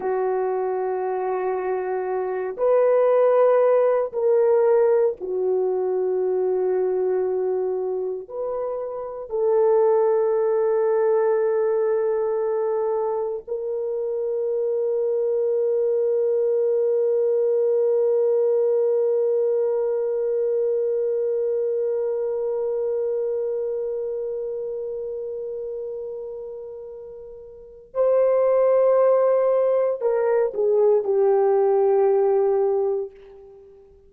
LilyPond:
\new Staff \with { instrumentName = "horn" } { \time 4/4 \tempo 4 = 58 fis'2~ fis'8 b'4. | ais'4 fis'2. | b'4 a'2.~ | a'4 ais'2.~ |
ais'1~ | ais'1~ | ais'2. c''4~ | c''4 ais'8 gis'8 g'2 | }